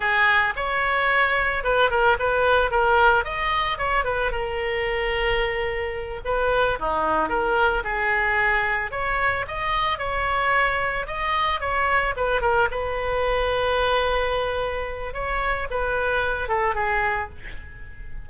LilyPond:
\new Staff \with { instrumentName = "oboe" } { \time 4/4 \tempo 4 = 111 gis'4 cis''2 b'8 ais'8 | b'4 ais'4 dis''4 cis''8 b'8 | ais'2.~ ais'8 b'8~ | b'8 dis'4 ais'4 gis'4.~ |
gis'8 cis''4 dis''4 cis''4.~ | cis''8 dis''4 cis''4 b'8 ais'8 b'8~ | b'1 | cis''4 b'4. a'8 gis'4 | }